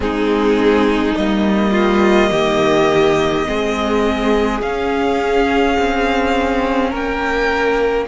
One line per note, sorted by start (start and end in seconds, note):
0.00 1.13 G#3
0.00 1.15 C4
0.00 1.71 D#4
0.00 1.15 G#4
1.15 2.31 G3
1.15 3.45 A#3
1.15 4.61 D#5
1.71 2.29 F4
2.31 3.46 D#3
2.31 3.47 G4
3.45 4.61 G#3
3.45 4.60 C4
3.45 6.90 G#4
4.61 5.77 C#4
4.61 8.08 C#4
4.61 6.92 F5
5.78 6.92 C4
6.90 8.08 A#3
6.90 8.05 A#4
6.90 8.08 G5